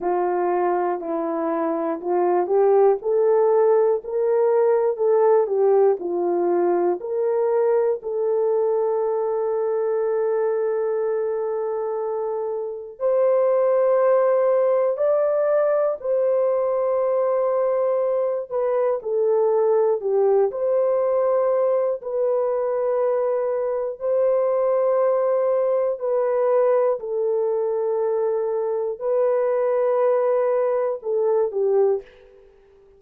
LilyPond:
\new Staff \with { instrumentName = "horn" } { \time 4/4 \tempo 4 = 60 f'4 e'4 f'8 g'8 a'4 | ais'4 a'8 g'8 f'4 ais'4 | a'1~ | a'4 c''2 d''4 |
c''2~ c''8 b'8 a'4 | g'8 c''4. b'2 | c''2 b'4 a'4~ | a'4 b'2 a'8 g'8 | }